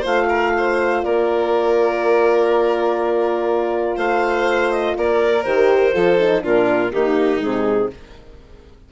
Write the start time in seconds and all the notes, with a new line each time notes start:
0.00 A3 F4 C5 F5
0.28 A#4
0.57 C5
1.02 A#3 A#4 D5
3.96 A3 C5 F5
4.70 D#5
4.96 A#3 A#4 D5
5.43 D#3 G4 C5
5.93 F3 F4 A4
6.19 D#4
6.41 A#2 D4 F4 A#4
6.90 D#3 A#3 D#4 G4
7.40 C3 G#3 G#4